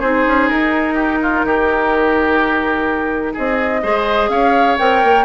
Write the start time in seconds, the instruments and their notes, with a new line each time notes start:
0.00 bassoon C4, clarinet D#4, oboe G#4, flute C5
0.27 bassoon C#4
0.49 bassoon D#4, flute A#4
0.95 oboe G4
1.22 oboe F4
1.44 bassoon D#3, oboe G4
3.34 bassoon C4, oboe G#4, flute D#5
3.83 bassoon G#3, clarinet G#4, oboe C5
4.29 bassoon C#4, oboe C#5, flute F5
4.79 bassoon C4, clarinet A#4, flute G5
5.04 bassoon A#3